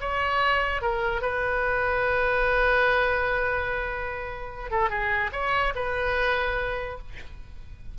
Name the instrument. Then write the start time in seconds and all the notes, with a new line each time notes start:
oboe
0.00 C#5
0.81 A#4
1.21 B4
4.71 A4
4.89 G#4
5.32 C#5
5.75 B4